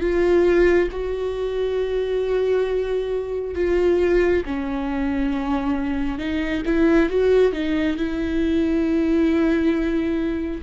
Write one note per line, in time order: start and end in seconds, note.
0.00 0.88 F4
0.91 3.55 F#4
3.55 4.43 F4
4.45 6.18 C#4
6.18 6.62 D#4
6.65 7.09 E4
7.09 7.52 F#4
7.52 7.96 D#4
7.96 10.61 E4